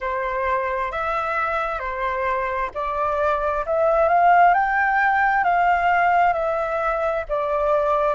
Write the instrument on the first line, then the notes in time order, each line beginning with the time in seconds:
flute
0.00 C5
0.91 E5
1.79 C5
2.74 D5
3.66 E5
4.08 F5
4.54 G5
5.44 F5
6.33 E5
7.29 D5